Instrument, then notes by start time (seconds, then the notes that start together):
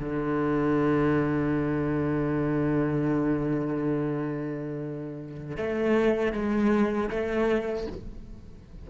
cello
0.00 D3
5.57 A3
6.33 G#3
7.10 A3